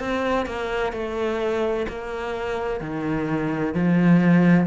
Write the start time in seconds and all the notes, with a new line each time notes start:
0.00 C4
0.46 A#3
0.93 A3
1.89 A#3
2.81 D#3
3.75 F3